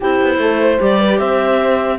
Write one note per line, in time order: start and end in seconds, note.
0.00 0.21 C4
0.00 0.78 E4
0.00 0.37 G4
0.00 0.82 C5
0.21 0.38 B3
0.38 0.78 A3
0.38 0.60 A4
0.60 0.99 C5
0.78 1.20 G3
0.78 1.98 G4
0.78 1.19 D5
0.99 1.18 B4
1.18 1.98 C4
1.18 1.98 C5
1.18 1.98 E5